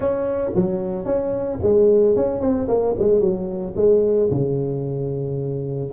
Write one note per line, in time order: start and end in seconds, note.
0.00 0.51 C#4
0.55 1.05 F#3
1.05 1.59 C#4
1.62 2.16 G#3
2.16 2.40 C#4
2.40 2.67 C4
2.68 2.94 A#3
2.98 3.20 G#3
3.20 3.74 F#3
3.75 4.29 G#3
4.30 5.91 C#3